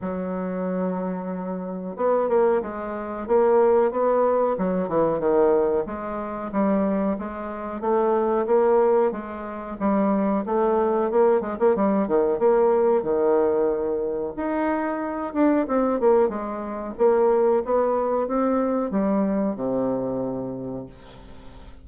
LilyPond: \new Staff \with { instrumentName = "bassoon" } { \time 4/4 \tempo 4 = 92 fis2. b8 ais8 | gis4 ais4 b4 fis8 e8 | dis4 gis4 g4 gis4 | a4 ais4 gis4 g4 |
a4 ais8 gis16 ais16 g8 dis8 ais4 | dis2 dis'4. d'8 | c'8 ais8 gis4 ais4 b4 | c'4 g4 c2 | }